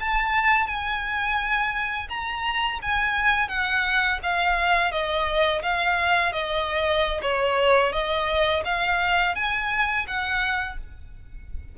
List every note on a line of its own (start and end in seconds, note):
0.00 0.67 A5
0.67 2.08 G#5
2.09 2.79 A#5
2.82 3.48 G#5
3.48 4.19 F#5
4.23 4.92 F5
4.92 5.62 D#5
5.62 6.32 F5
6.32 7.21 D#5
7.22 7.93 C#5
7.93 8.63 D#5
8.65 9.35 F5
9.35 10.06 G#5
10.07 10.78 F#5